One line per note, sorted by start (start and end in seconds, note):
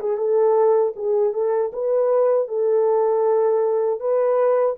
0.00 0.18 G#4
0.18 0.94 A4
0.96 1.34 G#4
1.34 1.72 A4
1.73 2.48 B4
2.48 4.00 A4
4.00 4.76 B4